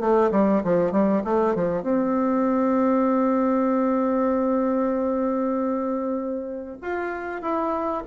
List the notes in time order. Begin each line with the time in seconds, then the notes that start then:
0.00 A3
0.31 G3
0.64 F3
0.92 G3
1.24 A3
1.55 F3
1.82 C4
6.82 F4
7.42 E4